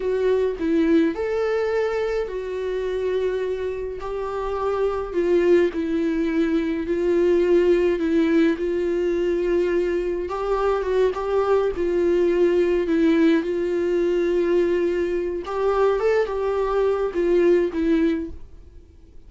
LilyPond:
\new Staff \with { instrumentName = "viola" } { \time 4/4 \tempo 4 = 105 fis'4 e'4 a'2 | fis'2. g'4~ | g'4 f'4 e'2 | f'2 e'4 f'4~ |
f'2 g'4 fis'8 g'8~ | g'8 f'2 e'4 f'8~ | f'2. g'4 | a'8 g'4. f'4 e'4 | }